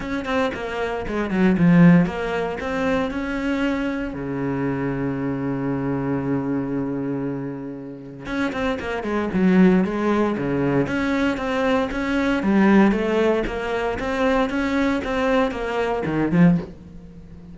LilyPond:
\new Staff \with { instrumentName = "cello" } { \time 4/4 \tempo 4 = 116 cis'8 c'8 ais4 gis8 fis8 f4 | ais4 c'4 cis'2 | cis1~ | cis1 |
cis'8 c'8 ais8 gis8 fis4 gis4 | cis4 cis'4 c'4 cis'4 | g4 a4 ais4 c'4 | cis'4 c'4 ais4 dis8 f8 | }